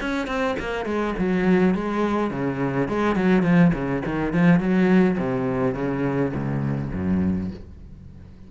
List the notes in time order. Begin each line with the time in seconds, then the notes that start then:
0.00 C#4
0.27 C4
0.60 A#3
0.85 G#3
1.18 F#3
1.74 G#3
2.31 C#3
2.88 G#3
3.15 F#3
3.42 F3
3.74 C#3
4.05 D#3
4.33 F3
4.60 F#3
5.18 C3
5.74 C#3
6.34 C#2
6.93 F#2